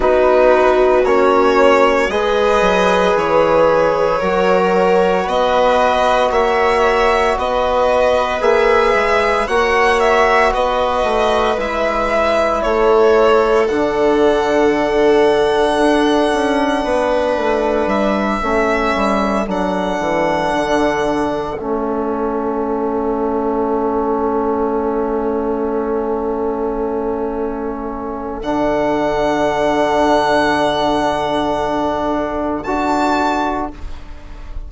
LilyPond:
<<
  \new Staff \with { instrumentName = "violin" } { \time 4/4 \tempo 4 = 57 b'4 cis''4 dis''4 cis''4~ | cis''4 dis''4 e''4 dis''4 | e''4 fis''8 e''8 dis''4 e''4 | cis''4 fis''2.~ |
fis''4 e''4. fis''4.~ | fis''8 e''2.~ e''8~ | e''2. fis''4~ | fis''2. a''4 | }
  \new Staff \with { instrumentName = "viola" } { \time 4/4 fis'2 b'2 | ais'4 b'4 cis''4 b'4~ | b'4 cis''4 b'2 | a'1 |
b'4. a'2~ a'8~ | a'1~ | a'1~ | a'1 | }
  \new Staff \with { instrumentName = "trombone" } { \time 4/4 dis'4 cis'4 gis'2 | fis'1 | gis'4 fis'2 e'4~ | e'4 d'2.~ |
d'4. cis'4 d'4.~ | d'8 cis'2.~ cis'8~ | cis'2. d'4~ | d'2. fis'4 | }
  \new Staff \with { instrumentName = "bassoon" } { \time 4/4 b4 ais4 gis8 fis8 e4 | fis4 b4 ais4 b4 | ais8 gis8 ais4 b8 a8 gis4 | a4 d2 d'8 cis'8 |
b8 a8 g8 a8 g8 fis8 e8 d8~ | d8 a2.~ a8~ | a2. d4~ | d2. d'4 | }
>>